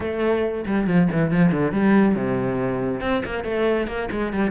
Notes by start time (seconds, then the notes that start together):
0.00 A3
0.66 G3
0.87 F3
1.11 E3
1.31 F3
1.51 D3
1.72 G3
2.15 C3
3.00 C4
3.25 A#3
3.44 A3
3.87 A#3
4.11 G#3
4.32 G3